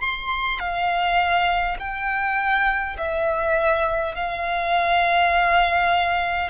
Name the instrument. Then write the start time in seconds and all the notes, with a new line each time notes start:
violin
0.00 C6
0.59 F5
1.79 G5
2.97 E5
4.14 F5